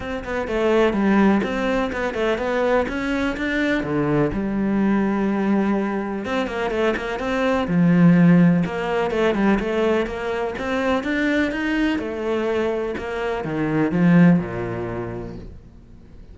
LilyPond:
\new Staff \with { instrumentName = "cello" } { \time 4/4 \tempo 4 = 125 c'8 b8 a4 g4 c'4 | b8 a8 b4 cis'4 d'4 | d4 g2.~ | g4 c'8 ais8 a8 ais8 c'4 |
f2 ais4 a8 g8 | a4 ais4 c'4 d'4 | dis'4 a2 ais4 | dis4 f4 ais,2 | }